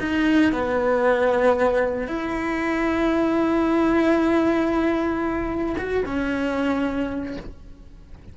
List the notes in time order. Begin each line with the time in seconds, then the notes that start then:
0.00 D#4
0.52 B3
2.07 E4
5.78 F#4
6.06 C#4